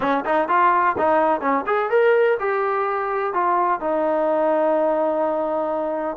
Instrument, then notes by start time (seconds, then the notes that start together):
trombone
0.00 C#4
0.25 D#4
0.48 F4
0.97 D#4
1.40 C#4
1.66 G#4
1.90 A#4
2.39 G4
3.33 F4
3.80 D#4